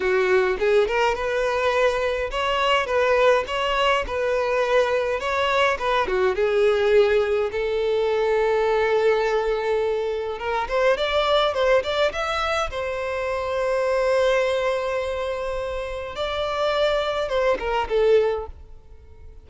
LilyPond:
\new Staff \with { instrumentName = "violin" } { \time 4/4 \tempo 4 = 104 fis'4 gis'8 ais'8 b'2 | cis''4 b'4 cis''4 b'4~ | b'4 cis''4 b'8 fis'8 gis'4~ | gis'4 a'2.~ |
a'2 ais'8 c''8 d''4 | c''8 d''8 e''4 c''2~ | c''1 | d''2 c''8 ais'8 a'4 | }